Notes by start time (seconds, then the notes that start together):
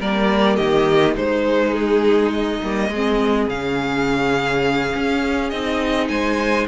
0.00 G3 A#3 A#4 D5
0.56 D#3 G4 D#5
1.16 G#3 D#4 C5
1.75 G#4
2.33 D#5
2.62 G3 A#3
2.90 G#3 C4 G#4
3.49 C#3 C#4 F5
4.95 C#4
5.50 C4 D#4 D#5
6.09 G#3 C5 G#5